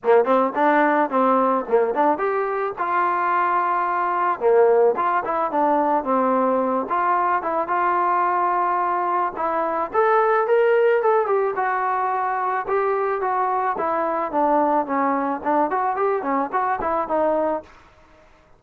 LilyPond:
\new Staff \with { instrumentName = "trombone" } { \time 4/4 \tempo 4 = 109 ais8 c'8 d'4 c'4 ais8 d'8 | g'4 f'2. | ais4 f'8 e'8 d'4 c'4~ | c'8 f'4 e'8 f'2~ |
f'4 e'4 a'4 ais'4 | a'8 g'8 fis'2 g'4 | fis'4 e'4 d'4 cis'4 | d'8 fis'8 g'8 cis'8 fis'8 e'8 dis'4 | }